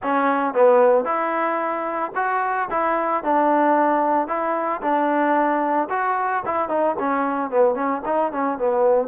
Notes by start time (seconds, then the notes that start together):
0.03 C#4
0.54 B3
1.04 E4
2.15 F#4
2.70 E4
3.23 D4
4.27 E4
4.81 D4
5.89 F#4
6.45 E4
6.68 D#4
6.99 C#4
7.50 B3
7.74 C#4
8.05 D#4
8.32 C#4
8.58 B3